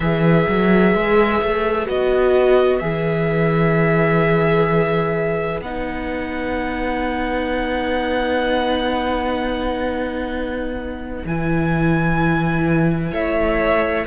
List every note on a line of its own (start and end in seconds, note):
0.00 0.46 E3
0.00 1.86 G#4
0.00 13.11 B4
0.00 1.87 E5
0.48 0.94 F#3
0.94 1.41 G#3
1.41 1.88 A3
1.86 2.81 B3
1.86 2.80 F#4
1.86 2.78 D#5
2.78 5.60 E3
2.78 5.62 G#4
2.78 5.60 E5
5.60 11.23 B3
5.60 11.27 D#4
5.60 11.24 F#5
11.25 13.12 E3
11.25 14.06 E4
11.25 13.13 G#5
13.11 14.05 A3
13.11 14.05 C#5
13.11 14.06 E5